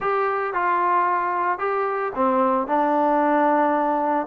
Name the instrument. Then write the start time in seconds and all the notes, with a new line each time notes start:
trombone
0.00 G4
0.53 F4
1.59 G4
2.15 C4
2.67 D4